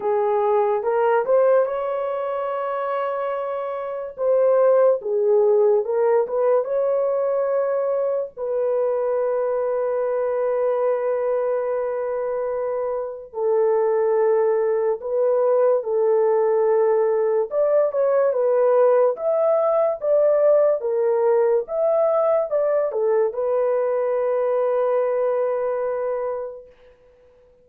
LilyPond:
\new Staff \with { instrumentName = "horn" } { \time 4/4 \tempo 4 = 72 gis'4 ais'8 c''8 cis''2~ | cis''4 c''4 gis'4 ais'8 b'8 | cis''2 b'2~ | b'1 |
a'2 b'4 a'4~ | a'4 d''8 cis''8 b'4 e''4 | d''4 ais'4 e''4 d''8 a'8 | b'1 | }